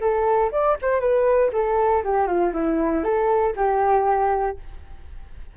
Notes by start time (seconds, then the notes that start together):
0.00 A4
0.51 D5
0.81 C5
1.00 B4
1.52 A4
2.04 G4
2.27 F4
2.53 E4
3.03 A4
3.56 G4